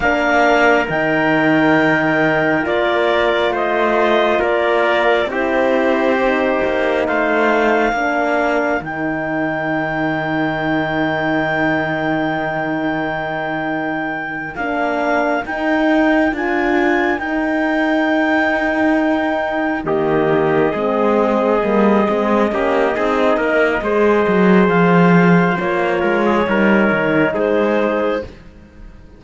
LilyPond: <<
  \new Staff \with { instrumentName = "clarinet" } { \time 4/4 \tempo 4 = 68 f''4 g''2 d''4 | dis''4 d''4 c''2 | f''2 g''2~ | g''1~ |
g''8 f''4 g''4 gis''4 g''8~ | g''2~ g''8 dis''4.~ | dis''1 | f''4 cis''2 c''4 | }
  \new Staff \with { instrumentName = "trumpet" } { \time 4/4 ais'1 | c''4 ais'4 g'2 | c''4 ais'2.~ | ais'1~ |
ais'1~ | ais'2~ ais'8 g'4 gis'8~ | gis'4. g'8 gis'8 ais'8 c''4~ | c''4. ais'16 gis'16 ais'4 gis'4 | }
  \new Staff \with { instrumentName = "horn" } { \time 4/4 d'4 dis'2 f'4~ | f'2 e'4 dis'4~ | dis'4 d'4 dis'2~ | dis'1~ |
dis'8 d'4 dis'4 f'4 dis'8~ | dis'2~ dis'8 ais4 c'8~ | c'8 ais8 c'8 cis'8 dis'4 gis'4~ | gis'4 f'4 dis'2 | }
  \new Staff \with { instrumentName = "cello" } { \time 4/4 ais4 dis2 ais4 | a4 ais4 c'4. ais8 | a4 ais4 dis2~ | dis1~ |
dis8 ais4 dis'4 d'4 dis'8~ | dis'2~ dis'8 dis4 gis8~ | gis8 g8 gis8 ais8 c'8 ais8 gis8 fis8 | f4 ais8 gis8 g8 dis8 gis4 | }
>>